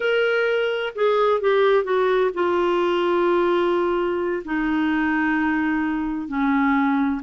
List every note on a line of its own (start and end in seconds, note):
0.00 0.93 A#4
0.95 1.40 G#4
1.40 1.84 G4
1.84 2.30 F#4
2.34 4.43 F4
4.44 6.28 D#4
6.28 7.21 C#4